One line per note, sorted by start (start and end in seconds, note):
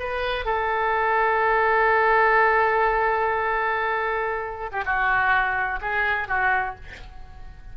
0.00 0.46 B4
0.46 4.71 A4
4.73 4.84 G4
4.86 5.80 F#4
5.82 6.28 G#4
6.28 6.76 F#4